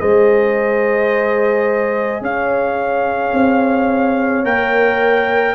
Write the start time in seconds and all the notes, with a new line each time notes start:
0.00 G#3 G#4 C5 D#5
2.21 C#4 C#5 F5
3.33 C4
4.44 A#3 A#4 G5